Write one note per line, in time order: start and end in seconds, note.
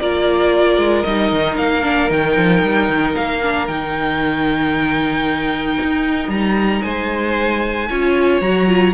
0.00 0.77 A#3
0.00 1.06 F4
0.00 6.83 A#4
0.00 1.03 D5
0.77 1.03 G#3
1.03 1.31 G3
1.03 1.82 D#4
1.03 1.55 D#5
1.31 1.58 D#3
1.57 2.10 A#3
1.57 2.10 F5
1.82 2.08 D4
2.08 2.36 D#3
2.08 3.40 D#4
2.08 3.15 G5
2.36 2.62 F3
2.62 2.89 G3
2.89 3.15 D#3
3.15 3.67 A#3
3.15 3.67 F5
3.42 3.68 D4
3.67 5.78 D#3
3.67 7.89 D#4
3.67 6.30 G5
5.82 6.28 D#4
6.28 6.80 G3
6.28 6.81 A#5
6.81 7.89 G#3
6.81 7.88 C5
6.81 8.39 G#5
7.89 8.41 C#4
7.89 8.42 F4
7.89 8.93 C#5
8.40 8.93 F#3
8.40 8.67 F#4
8.40 8.93 A#5
8.67 8.93 F4